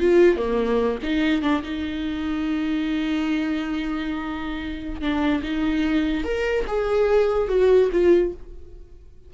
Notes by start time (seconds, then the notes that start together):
0.00 F4
0.37 A#3
1.03 D#4
1.42 D4
1.63 D#4
5.01 D4
5.43 D#4
6.24 A#4
6.67 G#4
7.48 F#4
7.92 F4